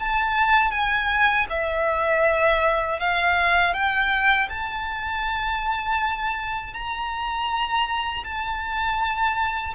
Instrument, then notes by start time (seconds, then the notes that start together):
violin
0.00 A5
0.72 G#5
1.50 E5
3.00 F5
3.74 G5
4.49 A5
6.74 A#5
8.24 A5